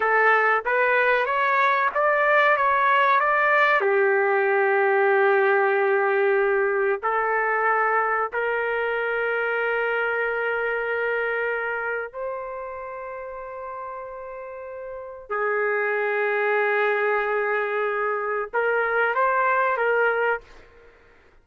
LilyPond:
\new Staff \with { instrumentName = "trumpet" } { \time 4/4 \tempo 4 = 94 a'4 b'4 cis''4 d''4 | cis''4 d''4 g'2~ | g'2. a'4~ | a'4 ais'2.~ |
ais'2. c''4~ | c''1 | gis'1~ | gis'4 ais'4 c''4 ais'4 | }